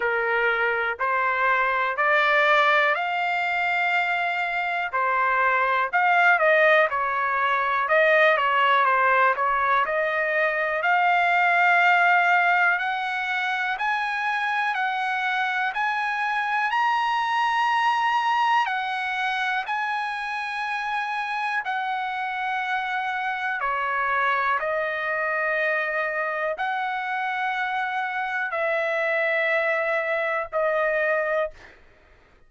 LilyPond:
\new Staff \with { instrumentName = "trumpet" } { \time 4/4 \tempo 4 = 61 ais'4 c''4 d''4 f''4~ | f''4 c''4 f''8 dis''8 cis''4 | dis''8 cis''8 c''8 cis''8 dis''4 f''4~ | f''4 fis''4 gis''4 fis''4 |
gis''4 ais''2 fis''4 | gis''2 fis''2 | cis''4 dis''2 fis''4~ | fis''4 e''2 dis''4 | }